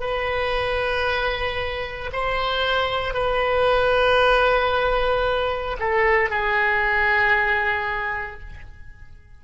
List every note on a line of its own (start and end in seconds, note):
0.00 2.11 B4
2.12 3.13 C5
3.13 5.77 B4
5.79 6.30 A4
6.30 8.40 G#4